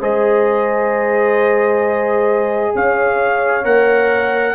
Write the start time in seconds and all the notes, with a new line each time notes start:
0.00 G#3 G#4 C5 D#5
2.75 C#4 C#5 F5
3.64 A#3 A#4 F#5